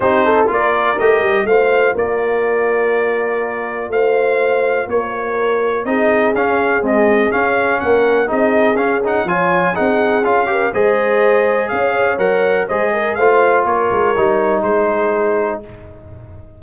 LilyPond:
<<
  \new Staff \with { instrumentName = "trumpet" } { \time 4/4 \tempo 4 = 123 c''4 d''4 dis''4 f''4 | d''1 | f''2 cis''2 | dis''4 f''4 dis''4 f''4 |
fis''4 dis''4 f''8 fis''8 gis''4 | fis''4 f''4 dis''2 | f''4 fis''4 dis''4 f''4 | cis''2 c''2 | }
  \new Staff \with { instrumentName = "horn" } { \time 4/4 g'8 a'8 ais'2 c''4 | ais'1 | c''2 ais'2 | gis'1 |
ais'4 gis'2 cis''4 | gis'4. ais'8 c''2 | cis''2 c''8 ais'8 c''4 | ais'2 gis'2 | }
  \new Staff \with { instrumentName = "trombone" } { \time 4/4 dis'4 f'4 g'4 f'4~ | f'1~ | f'1 | dis'4 cis'4 gis4 cis'4~ |
cis'4 dis'4 cis'8 dis'8 f'4 | dis'4 f'8 g'8 gis'2~ | gis'4 ais'4 gis'4 f'4~ | f'4 dis'2. | }
  \new Staff \with { instrumentName = "tuba" } { \time 4/4 c'4 ais4 a8 g8 a4 | ais1 | a2 ais2 | c'4 cis'4 c'4 cis'4 |
ais4 c'4 cis'4 f4 | c'4 cis'4 gis2 | cis'4 fis4 gis4 a4 | ais8 gis8 g4 gis2 | }
>>